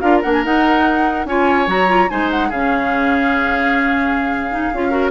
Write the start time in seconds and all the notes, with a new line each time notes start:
0.00 D4 F4 A#4 F5
0.22 A#3 D4 F#5
0.32 G#5
0.44 D#4 F#5
1.25 C#4 F4 C#5 G#5
1.67 F#3 F#4 A#5
1.88 F4
2.09 G#3 D#4 C5 G#5
2.30 F#5
2.48 C#3 G#4 F5
2.54 C#4
4.51 D#4
4.72 C#4 F4
4.90 F#4 A#4